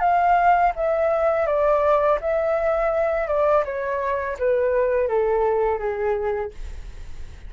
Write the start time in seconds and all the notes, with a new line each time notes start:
0.00 F5
0.75 E5
1.46 D5
2.21 E5
3.28 D5
3.65 C#5
4.39 B4
5.08 A4
5.79 G#4